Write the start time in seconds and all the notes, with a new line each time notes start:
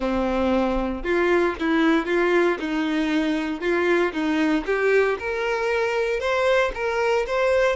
0.00 C4
1.03 F4
1.59 E4
2.06 F4
2.59 D#4
3.60 F4
4.12 D#4
4.66 G4
5.19 A#4
6.20 C5
6.74 A#4
7.26 C5